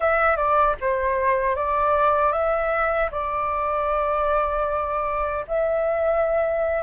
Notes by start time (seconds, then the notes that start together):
0.00 E5
0.36 D5
0.80 C5
1.55 D5
2.32 E5
3.11 D5
5.47 E5